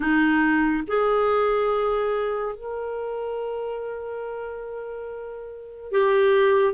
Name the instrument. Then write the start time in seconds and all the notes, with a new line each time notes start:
clarinet
0.00 D#4
0.87 G#4
2.55 A#4
5.91 G4